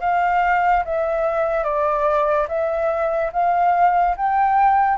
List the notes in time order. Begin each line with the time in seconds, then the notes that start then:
0.00 F5
0.85 E5
1.63 D5
2.48 E5
3.32 F5
4.16 G5